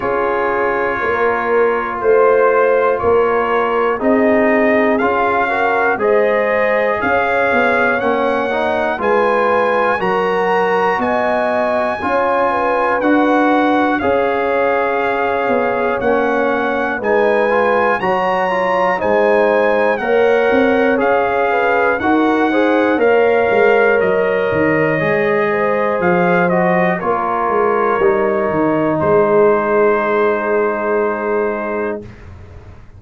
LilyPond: <<
  \new Staff \with { instrumentName = "trumpet" } { \time 4/4 \tempo 4 = 60 cis''2 c''4 cis''4 | dis''4 f''4 dis''4 f''4 | fis''4 gis''4 ais''4 gis''4~ | gis''4 fis''4 f''2 |
fis''4 gis''4 ais''4 gis''4 | fis''4 f''4 fis''4 f''4 | dis''2 f''8 dis''8 cis''4~ | cis''4 c''2. | }
  \new Staff \with { instrumentName = "horn" } { \time 4/4 gis'4 ais'4 c''4 ais'4 | gis'4. ais'8 c''4 cis''4~ | cis''4 b'4 ais'4 dis''4 | cis''8 b'4. cis''2~ |
cis''4 b'4 cis''4 c''4 | cis''4. b'8 ais'8 c''8 cis''4~ | cis''4. c''4. ais'4~ | ais'4 gis'2. | }
  \new Staff \with { instrumentName = "trombone" } { \time 4/4 f'1 | dis'4 f'8 fis'8 gis'2 | cis'8 dis'8 f'4 fis'2 | f'4 fis'4 gis'2 |
cis'4 dis'8 f'8 fis'8 f'8 dis'4 | ais'4 gis'4 fis'8 gis'8 ais'4~ | ais'4 gis'4. fis'8 f'4 | dis'1 | }
  \new Staff \with { instrumentName = "tuba" } { \time 4/4 cis'4 ais4 a4 ais4 | c'4 cis'4 gis4 cis'8 b8 | ais4 gis4 fis4 b4 | cis'4 d'4 cis'4. b8 |
ais4 gis4 fis4 gis4 | ais8 c'8 cis'4 dis'4 ais8 gis8 | fis8 dis8 gis4 f4 ais8 gis8 | g8 dis8 gis2. | }
>>